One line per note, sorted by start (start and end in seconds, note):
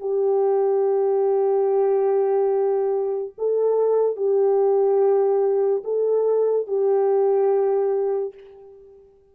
0.00 3.33 G4
3.38 4.16 A4
4.16 5.83 G4
5.84 6.67 A4
6.67 8.34 G4